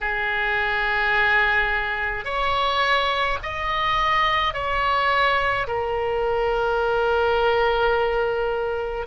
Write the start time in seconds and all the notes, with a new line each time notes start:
0.00 G#4
2.24 C#5
3.42 D#5
4.53 C#5
5.67 A#4